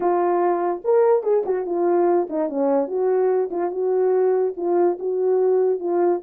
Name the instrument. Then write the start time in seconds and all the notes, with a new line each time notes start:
horn
0.00 F4
0.84 A#4
1.23 G#4
1.45 F#4
1.66 F4
2.29 D#4
2.49 C#4
2.87 F#4
3.50 F4
3.71 F#4
4.56 F4
4.99 F#4
5.79 F4